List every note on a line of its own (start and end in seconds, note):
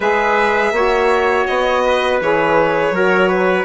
0.00 0.71 G#3
0.00 0.74 G#4
0.00 0.73 B4
0.00 1.46 E5
0.71 1.44 A#3
0.71 2.20 F#4
0.71 1.84 C#5
1.46 2.20 B3
1.46 2.19 D#5
1.85 2.95 B4
2.20 2.90 E3
2.20 2.93 G#4
2.20 3.64 C#5
2.90 3.63 F#3
2.90 3.64 F#4
2.90 3.28 A#4
3.28 3.64 B4